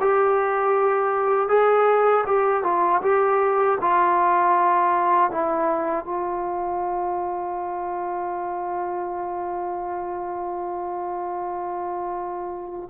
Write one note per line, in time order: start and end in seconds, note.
0.00 1.48 G4
1.48 2.24 G#4
2.26 2.63 G4
2.63 3.01 F4
3.02 3.78 G4
3.80 5.31 F4
5.31 6.05 E4
6.05 12.89 F4